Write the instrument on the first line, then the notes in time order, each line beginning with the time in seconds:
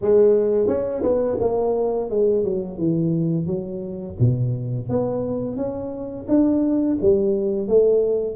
tuba
0.01 G#3
0.67 C#4
1.02 B3
1.40 A#3
2.09 G#3
2.44 F#3
2.77 E3
3.46 F#3
4.19 B2
4.89 B3
5.56 C#4
6.28 D4
7.01 G3
7.67 A3